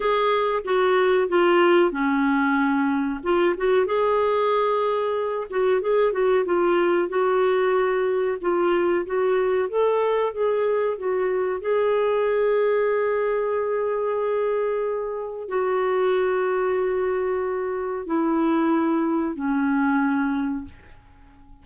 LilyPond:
\new Staff \with { instrumentName = "clarinet" } { \time 4/4 \tempo 4 = 93 gis'4 fis'4 f'4 cis'4~ | cis'4 f'8 fis'8 gis'2~ | gis'8 fis'8 gis'8 fis'8 f'4 fis'4~ | fis'4 f'4 fis'4 a'4 |
gis'4 fis'4 gis'2~ | gis'1 | fis'1 | e'2 cis'2 | }